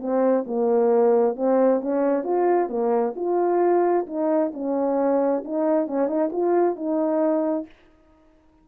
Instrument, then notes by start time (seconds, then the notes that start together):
horn
0.00 C4
0.47 A#3
1.36 C4
1.81 C#4
2.24 F4
2.69 A#3
3.16 F4
4.07 D#4
4.54 C#4
5.45 D#4
5.87 C#4
6.08 D#4
6.32 F4
6.76 D#4